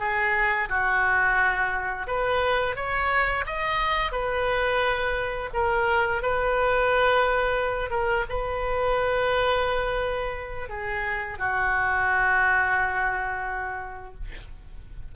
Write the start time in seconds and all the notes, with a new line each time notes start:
0.00 G#4
0.70 F#4
2.08 B4
2.76 C#5
3.47 D#5
4.12 B4
5.54 A#4
6.23 B4
7.91 A#4
8.29 B4
10.70 G#4
11.39 F#4